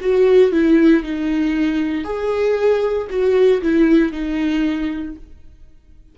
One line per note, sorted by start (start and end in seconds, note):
0.00 0.52 F#4
0.52 1.03 E4
1.03 2.04 D#4
2.04 3.08 G#4
3.09 3.61 F#4
3.61 4.12 E4
4.12 5.15 D#4